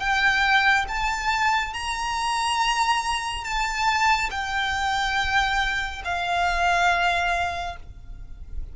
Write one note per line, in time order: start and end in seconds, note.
0.00 0.86 G5
0.89 1.74 A5
1.74 3.44 A#5
3.44 4.30 A5
4.31 6.02 G5
6.05 7.76 F5